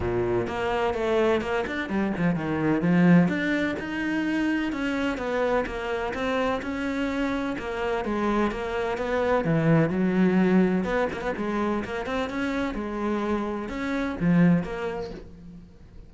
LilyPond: \new Staff \with { instrumentName = "cello" } { \time 4/4 \tempo 4 = 127 ais,4 ais4 a4 ais8 d'8 | g8 f8 dis4 f4 d'4 | dis'2 cis'4 b4 | ais4 c'4 cis'2 |
ais4 gis4 ais4 b4 | e4 fis2 b8 ais16 b16 | gis4 ais8 c'8 cis'4 gis4~ | gis4 cis'4 f4 ais4 | }